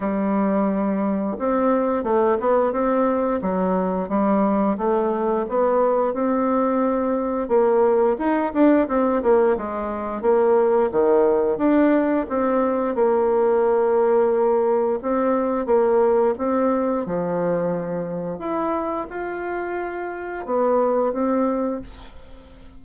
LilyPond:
\new Staff \with { instrumentName = "bassoon" } { \time 4/4 \tempo 4 = 88 g2 c'4 a8 b8 | c'4 fis4 g4 a4 | b4 c'2 ais4 | dis'8 d'8 c'8 ais8 gis4 ais4 |
dis4 d'4 c'4 ais4~ | ais2 c'4 ais4 | c'4 f2 e'4 | f'2 b4 c'4 | }